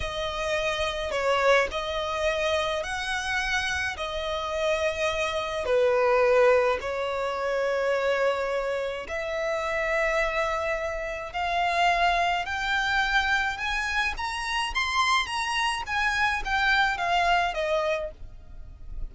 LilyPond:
\new Staff \with { instrumentName = "violin" } { \time 4/4 \tempo 4 = 106 dis''2 cis''4 dis''4~ | dis''4 fis''2 dis''4~ | dis''2 b'2 | cis''1 |
e''1 | f''2 g''2 | gis''4 ais''4 c'''4 ais''4 | gis''4 g''4 f''4 dis''4 | }